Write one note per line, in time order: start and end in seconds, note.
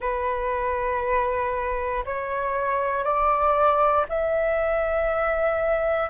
0.00 2.04 B4
2.05 3.04 C#5
3.04 4.05 D5
4.08 6.09 E5